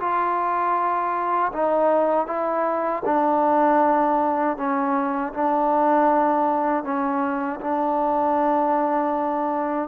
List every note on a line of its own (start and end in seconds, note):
0.00 1.52 F4
1.53 2.27 D#4
2.27 3.03 E4
3.05 4.57 D4
4.57 5.33 C#4
5.33 6.84 D4
6.84 7.60 C#4
7.61 9.88 D4